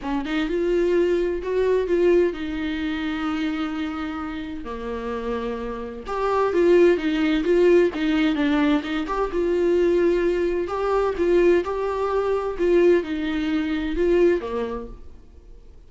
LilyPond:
\new Staff \with { instrumentName = "viola" } { \time 4/4 \tempo 4 = 129 cis'8 dis'8 f'2 fis'4 | f'4 dis'2.~ | dis'2 ais2~ | ais4 g'4 f'4 dis'4 |
f'4 dis'4 d'4 dis'8 g'8 | f'2. g'4 | f'4 g'2 f'4 | dis'2 f'4 ais4 | }